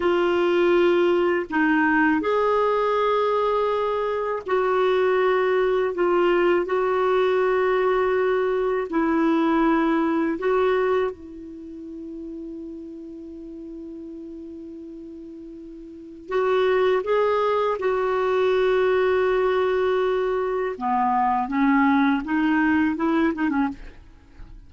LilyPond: \new Staff \with { instrumentName = "clarinet" } { \time 4/4 \tempo 4 = 81 f'2 dis'4 gis'4~ | gis'2 fis'2 | f'4 fis'2. | e'2 fis'4 e'4~ |
e'1~ | e'2 fis'4 gis'4 | fis'1 | b4 cis'4 dis'4 e'8 dis'16 cis'16 | }